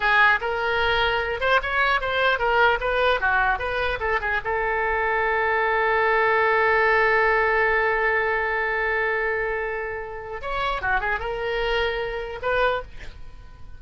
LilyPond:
\new Staff \with { instrumentName = "oboe" } { \time 4/4 \tempo 4 = 150 gis'4 ais'2~ ais'8 c''8 | cis''4 c''4 ais'4 b'4 | fis'4 b'4 a'8 gis'8 a'4~ | a'1~ |
a'1~ | a'1~ | a'2 cis''4 fis'8 gis'8 | ais'2. b'4 | }